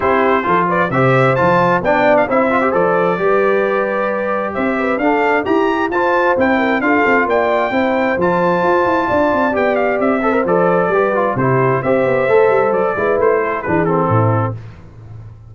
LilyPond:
<<
  \new Staff \with { instrumentName = "trumpet" } { \time 4/4 \tempo 4 = 132 c''4. d''8 e''4 a''4 | g''8. f''16 e''4 d''2~ | d''2 e''4 f''4 | ais''4 a''4 g''4 f''4 |
g''2 a''2~ | a''4 g''8 f''8 e''4 d''4~ | d''4 c''4 e''2 | d''4 c''4 b'8 a'4. | }
  \new Staff \with { instrumentName = "horn" } { \time 4/4 g'4 a'8 b'8 c''2 | d''4 c''2 b'4~ | b'2 c''8 b'8 a'4 | g'4 c''4. ais'8 a'4 |
d''4 c''2. | d''2~ d''8 c''4. | b'4 g'4 c''2~ | c''8 b'4 a'8 gis'4 e'4 | }
  \new Staff \with { instrumentName = "trombone" } { \time 4/4 e'4 f'4 g'4 f'4 | d'4 e'8 f'16 g'16 a'4 g'4~ | g'2. d'4 | g'4 f'4 e'4 f'4~ |
f'4 e'4 f'2~ | f'4 g'4. a'16 ais'16 a'4 | g'8 f'8 e'4 g'4 a'4~ | a'8 e'4. d'8 c'4. | }
  \new Staff \with { instrumentName = "tuba" } { \time 4/4 c'4 f4 c4 f4 | b4 c'4 f4 g4~ | g2 c'4 d'4 | e'4 f'4 c'4 d'8 c'8 |
ais4 c'4 f4 f'8 e'8 | d'8 c'8 b4 c'4 f4 | g4 c4 c'8 b8 a8 g8 | fis8 gis8 a4 e4 a,4 | }
>>